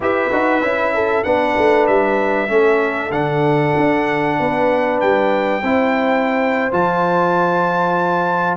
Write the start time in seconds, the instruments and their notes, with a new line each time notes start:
0.00 tuba E4, trombone G4, horn B4, trumpet E5
0.31 tuba D#4, trombone F#4
0.61 tuba C#4, trombone E4
0.94 horn A4
1.23 tuba B3, trombone D4, horn B4, trumpet F#5
1.57 tuba A3
1.87 tuba G3, trumpet E5
2.48 tuba A3, trombone C#4, horn A4
3.10 tuba D3, trombone D4, trumpet F#5
3.76 tuba D4
4.39 tuba B3, horn B4
5.00 tuba G3, trumpet G5
5.62 tuba C4, trombone E4, horn C5
6.71 tuba F3, trombone F4, trumpet A5